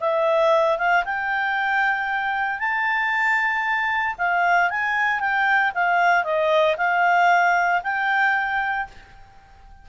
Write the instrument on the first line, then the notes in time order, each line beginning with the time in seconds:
clarinet
0.00 E5
0.78 F5
1.05 G5
2.59 A5
4.18 F5
4.70 G#5
5.20 G5
5.74 F5
6.24 D#5
6.77 F5
7.83 G5